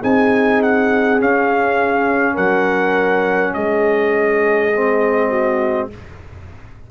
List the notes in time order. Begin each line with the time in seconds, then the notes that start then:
0.00 C4 D#4 G#4 G#5
0.62 F#5
1.20 C#4 F5
2.34 F#3 A#4 F#5
3.54 G#3 G#4 D#5
4.73 C4
5.30 F#4